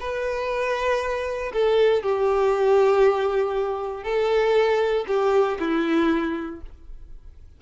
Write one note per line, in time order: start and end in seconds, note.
0.00 1.53 B4
1.53 2.03 A4
2.03 4.04 G4
4.04 5.06 A4
5.08 5.59 G4
5.60 6.62 E4